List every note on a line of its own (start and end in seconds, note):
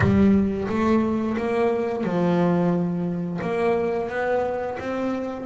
0.00 0.67 G3
0.68 1.36 A3
1.37 2.03 A#3
2.03 3.39 F3
3.41 4.09 A#3
4.09 4.77 B3
4.79 5.45 C4